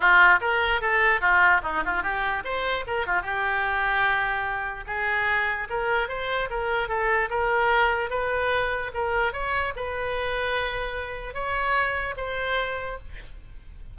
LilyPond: \new Staff \with { instrumentName = "oboe" } { \time 4/4 \tempo 4 = 148 f'4 ais'4 a'4 f'4 | dis'8 f'8 g'4 c''4 ais'8 f'8 | g'1 | gis'2 ais'4 c''4 |
ais'4 a'4 ais'2 | b'2 ais'4 cis''4 | b'1 | cis''2 c''2 | }